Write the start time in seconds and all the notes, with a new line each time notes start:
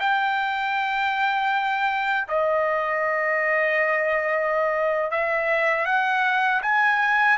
0.00 G5
2.28 D#5
5.11 E5
5.86 F#5
6.62 G#5